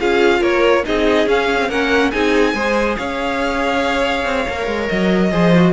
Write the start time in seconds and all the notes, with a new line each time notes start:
0.00 C#4 F4 G#4 F5
0.40 A#3 A#4 C#5
0.84 C4 D#4 G#4 D#5
1.26 C#4 F5
1.60 C4
1.69 A#3 C#4 A#4 F#5
2.11 C4 D#4 G#4 G#5
2.54 G#3 G#4 C5
2.97 C#4 C#5 F5
4.25 C4
4.48 A#3 A#4
4.67 G#3
4.88 F#3 D#5
5.31 F3 G#4 C5
5.56 F#4